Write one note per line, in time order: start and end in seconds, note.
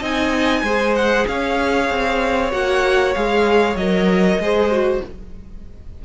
0.00 0.63 C4
0.00 0.65 D#4
0.00 0.62 D#5
0.00 0.95 G#5
0.63 1.25 G#3
0.63 2.52 G#4
0.63 1.27 C5
0.95 1.27 F#5
1.28 1.90 C#4
1.28 4.42 C#5
1.28 2.52 F5
1.90 2.53 C4
2.52 3.15 A#3
2.52 3.15 F#4
2.52 3.15 F#5
3.15 3.76 G#3
3.15 3.78 G#4
3.15 3.77 F5
3.76 4.38 F#3
3.76 4.43 A#4
3.76 5.02 D#5
4.38 5.01 G#3
4.38 4.72 G#4
4.38 5.05 C5
4.72 5.03 F#4